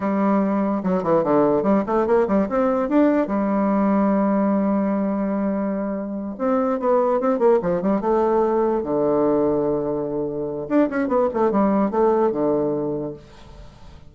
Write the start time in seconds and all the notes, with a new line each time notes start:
0.00 G3
0.83 F#3
1.03 E3
1.23 D3
1.63 G3
1.86 A3
2.06 A#3
2.27 G3
2.49 C4
2.89 D4
3.27 G3
6.38 C4
6.79 B3
7.20 C4
7.39 A#3
7.62 F3
7.82 G3
8.00 A3
8.83 D3
10.68 D4
10.89 C#4
11.08 B3
11.33 A3
11.51 G3
11.90 A3
12.31 D3